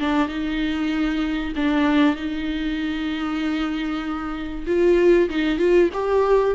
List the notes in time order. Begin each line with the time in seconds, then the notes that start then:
0.00 D4
0.28 D#4
1.56 D4
2.16 D#4
4.67 F4
5.30 D#4
5.59 F4
5.94 G4